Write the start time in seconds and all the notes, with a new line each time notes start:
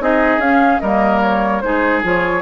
0.00 C4 D#4 G#4 D#5
0.38 C#4 F5
0.80 G3 A#3 A#4 D#5
1.22 C#5
1.61 G#3 D#4 G#4 C5
2.03 F3 F4 C#5